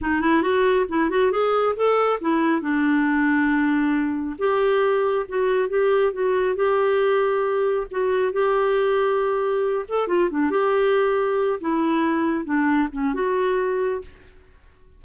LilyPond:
\new Staff \with { instrumentName = "clarinet" } { \time 4/4 \tempo 4 = 137 dis'8 e'8 fis'4 e'8 fis'8 gis'4 | a'4 e'4 d'2~ | d'2 g'2 | fis'4 g'4 fis'4 g'4~ |
g'2 fis'4 g'4~ | g'2~ g'8 a'8 f'8 d'8 | g'2~ g'8 e'4.~ | e'8 d'4 cis'8 fis'2 | }